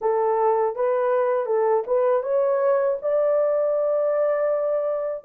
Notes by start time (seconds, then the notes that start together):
0.01 A4
0.75 B4
1.46 A4
1.86 B4
2.22 C#5
3.02 D5